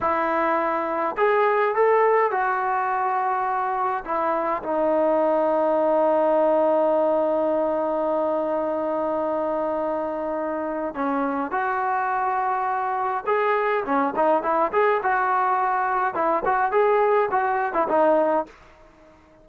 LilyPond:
\new Staff \with { instrumentName = "trombone" } { \time 4/4 \tempo 4 = 104 e'2 gis'4 a'4 | fis'2. e'4 | dis'1~ | dis'1~ |
dis'2. cis'4 | fis'2. gis'4 | cis'8 dis'8 e'8 gis'8 fis'2 | e'8 fis'8 gis'4 fis'8. e'16 dis'4 | }